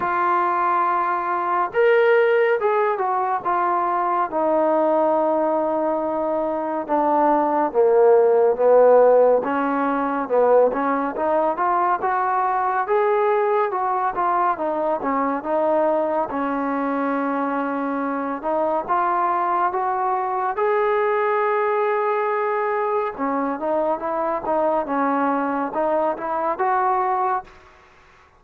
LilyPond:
\new Staff \with { instrumentName = "trombone" } { \time 4/4 \tempo 4 = 70 f'2 ais'4 gis'8 fis'8 | f'4 dis'2. | d'4 ais4 b4 cis'4 | b8 cis'8 dis'8 f'8 fis'4 gis'4 |
fis'8 f'8 dis'8 cis'8 dis'4 cis'4~ | cis'4. dis'8 f'4 fis'4 | gis'2. cis'8 dis'8 | e'8 dis'8 cis'4 dis'8 e'8 fis'4 | }